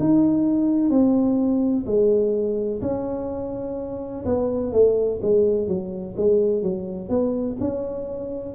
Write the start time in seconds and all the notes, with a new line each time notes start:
0.00 D#4
0.90 C4
1.87 G#3
2.82 C#4
4.26 B3
4.73 A3
5.23 G#3
5.68 F#3
6.17 G#3
6.63 F#3
7.10 B3
7.61 C#4